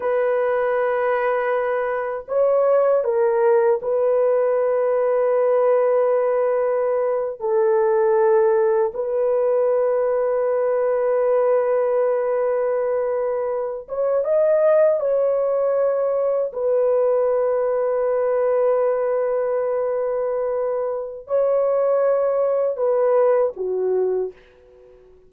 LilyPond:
\new Staff \with { instrumentName = "horn" } { \time 4/4 \tempo 4 = 79 b'2. cis''4 | ais'4 b'2.~ | b'4.~ b'16 a'2 b'16~ | b'1~ |
b'2~ b'16 cis''8 dis''4 cis''16~ | cis''4.~ cis''16 b'2~ b'16~ | b'1 | cis''2 b'4 fis'4 | }